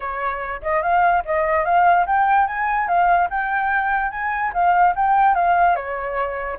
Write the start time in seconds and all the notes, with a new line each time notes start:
0.00 C#5
0.62 D#5
0.82 F5
1.25 D#5
1.64 F5
2.06 G5
2.47 G#5
2.87 F5
3.30 G5
4.11 G#5
4.53 F5
4.95 G5
5.34 F5
5.75 C#5